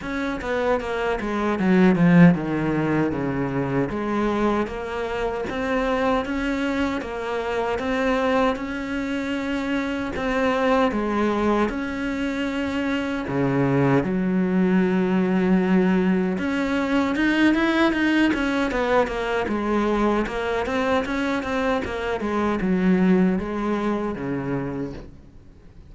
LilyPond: \new Staff \with { instrumentName = "cello" } { \time 4/4 \tempo 4 = 77 cis'8 b8 ais8 gis8 fis8 f8 dis4 | cis4 gis4 ais4 c'4 | cis'4 ais4 c'4 cis'4~ | cis'4 c'4 gis4 cis'4~ |
cis'4 cis4 fis2~ | fis4 cis'4 dis'8 e'8 dis'8 cis'8 | b8 ais8 gis4 ais8 c'8 cis'8 c'8 | ais8 gis8 fis4 gis4 cis4 | }